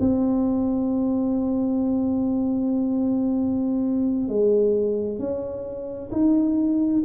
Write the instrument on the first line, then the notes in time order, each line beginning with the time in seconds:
tuba
0.00 C4
4.29 G#3
5.19 C#4
6.12 D#4